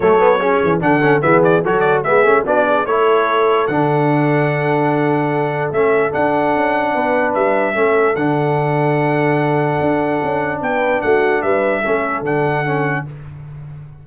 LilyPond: <<
  \new Staff \with { instrumentName = "trumpet" } { \time 4/4 \tempo 4 = 147 cis''2 fis''4 e''8 d''8 | cis''8 d''8 e''4 d''4 cis''4~ | cis''4 fis''2.~ | fis''2 e''4 fis''4~ |
fis''2 e''2 | fis''1~ | fis''2 g''4 fis''4 | e''2 fis''2 | }
  \new Staff \with { instrumentName = "horn" } { \time 4/4 a'4 gis'4 a'4 gis'4 | a'4 gis'4 fis'8 gis'8 a'4~ | a'1~ | a'1~ |
a'4 b'2 a'4~ | a'1~ | a'2 b'4 fis'4 | b'4 a'2. | }
  \new Staff \with { instrumentName = "trombone" } { \time 4/4 a8 b8 cis'4 d'8 cis'8 b4 | fis'4 b8 cis'8 d'4 e'4~ | e'4 d'2.~ | d'2 cis'4 d'4~ |
d'2. cis'4 | d'1~ | d'1~ | d'4 cis'4 d'4 cis'4 | }
  \new Staff \with { instrumentName = "tuba" } { \time 4/4 fis4. e8 d4 e4 | fis4 gis8 a8 b4 a4~ | a4 d2.~ | d2 a4 d'4 |
cis'4 b4 g4 a4 | d1 | d'4 cis'4 b4 a4 | g4 a4 d2 | }
>>